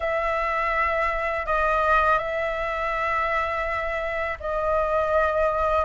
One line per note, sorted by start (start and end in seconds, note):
0.00 1.45 E5
1.45 2.18 D#5
2.18 4.37 E5
4.40 5.85 D#5